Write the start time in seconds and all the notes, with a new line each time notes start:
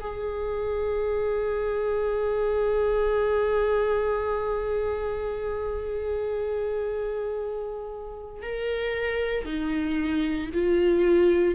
0.00 G#4
8.42 A#4
9.45 D#4
10.54 F4